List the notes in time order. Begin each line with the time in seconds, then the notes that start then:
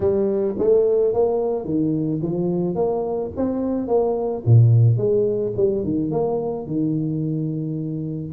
0.00 G3
0.58 A3
1.13 A#3
1.64 D#3
2.21 F3
2.75 A#3
3.36 C4
3.87 A#3
4.45 A#2
4.97 G#3
5.57 G3
5.84 D#3
6.11 A#3
6.67 D#3